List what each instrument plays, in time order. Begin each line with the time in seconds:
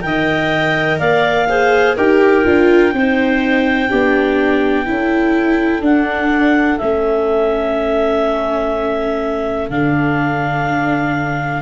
0.00 tuba D#3, viola A#4, clarinet D#5 G5
0.99 tuba A#3, clarinet D5 F5
1.49 viola G#4, clarinet C5
1.96 tuba D#4, viola G4, clarinet A#4 G5
2.44 tuba D4, viola F4
2.93 tuba C4, viola D#4, clarinet C5
3.89 tuba B3, viola D4, clarinet G4
4.85 tuba C#4, viola E4, clarinet A4
5.81 tuba D4, viola D4, clarinet F#5
6.78 tuba A3, viola C#4, clarinet E5
9.70 tuba D3, viola D4, clarinet F5